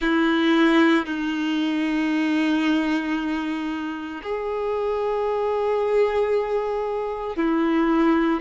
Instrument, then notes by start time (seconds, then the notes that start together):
violin
0.00 E4
1.05 D#4
4.22 G#4
7.36 E4